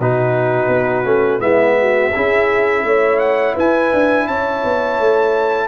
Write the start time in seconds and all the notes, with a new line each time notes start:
0.00 B2 D#4 F#4 B4
0.69 B3
1.05 A3 C#4
1.40 G#3 B3 E4 E5
1.82 F#4
2.14 C#4 E4 G#4
2.84 A3 C#5
3.19 F#5
3.55 E4 B4 G#5
3.94 D4
4.28 C#4 C#5 A5
4.64 B3
5.00 A3